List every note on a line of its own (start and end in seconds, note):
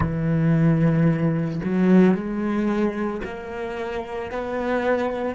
0.00 1.60 E3
1.65 2.14 F#3
2.14 3.21 G#3
3.24 4.31 A#3
4.31 5.34 B3